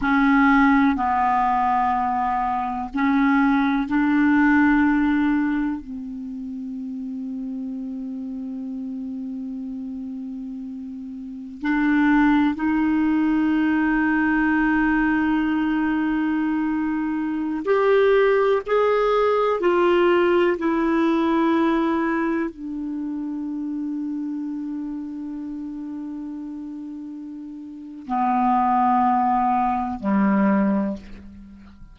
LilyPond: \new Staff \with { instrumentName = "clarinet" } { \time 4/4 \tempo 4 = 62 cis'4 b2 cis'4 | d'2 c'2~ | c'1 | d'4 dis'2.~ |
dis'2~ dis'16 g'4 gis'8.~ | gis'16 f'4 e'2 d'8.~ | d'1~ | d'4 b2 g4 | }